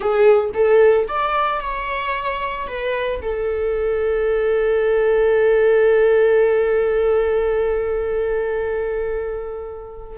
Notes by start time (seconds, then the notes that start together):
0.00 G#4
0.54 A4
1.07 D5
1.60 C#5
2.67 B4
3.21 A4